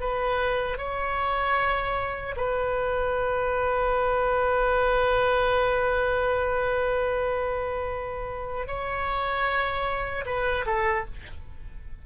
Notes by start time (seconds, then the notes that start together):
0.00 B4
0.77 C#5
2.36 B4
8.67 C#5
10.26 B4
10.66 A4